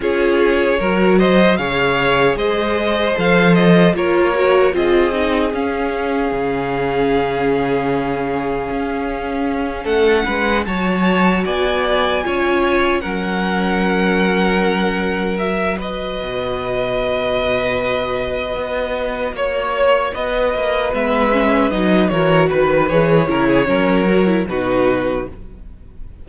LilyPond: <<
  \new Staff \with { instrumentName = "violin" } { \time 4/4 \tempo 4 = 76 cis''4. dis''8 f''4 dis''4 | f''8 dis''8 cis''4 dis''4 f''4~ | f''1~ | f''8 fis''4 a''4 gis''4.~ |
gis''8 fis''2. e''8 | dis''1~ | dis''8 cis''4 dis''4 e''4 dis''8 | cis''8 b'8 cis''2 b'4 | }
  \new Staff \with { instrumentName = "violin" } { \time 4/4 gis'4 ais'8 c''8 cis''4 c''4~ | c''4 ais'4 gis'2~ | gis'1~ | gis'8 a'8 b'8 cis''4 d''4 cis''8~ |
cis''8 ais'2.~ ais'8 | b'1~ | b'8 cis''4 b'2~ b'8 | ais'8 b'4 ais'16 gis'16 ais'4 fis'4 | }
  \new Staff \with { instrumentName = "viola" } { \time 4/4 f'4 fis'4 gis'2 | a'4 f'8 fis'8 f'8 dis'8 cis'4~ | cis'1~ | cis'4. fis'2 f'8~ |
f'8 cis'2. fis'8~ | fis'1~ | fis'2~ fis'8 b8 cis'8 dis'8 | fis'4 gis'8 e'8 cis'8 fis'16 e'16 dis'4 | }
  \new Staff \with { instrumentName = "cello" } { \time 4/4 cis'4 fis4 cis4 gis4 | f4 ais4 c'4 cis'4 | cis2. cis'4~ | cis'8 a8 gis8 fis4 b4 cis'8~ |
cis'8 fis2.~ fis8~ | fis8 b,2. b8~ | b8 ais4 b8 ais8 gis4 fis8 | e8 dis8 e8 cis8 fis4 b,4 | }
>>